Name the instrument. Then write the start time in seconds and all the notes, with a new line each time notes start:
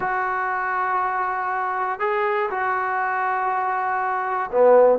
trombone
0.00 F#4
1.99 G#4
2.50 F#4
4.51 B3